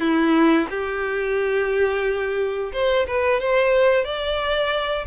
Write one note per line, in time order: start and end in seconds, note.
0.00 0.67 E4
0.70 2.72 G4
2.73 3.06 C5
3.07 3.40 B4
3.40 4.04 C5
4.04 5.06 D5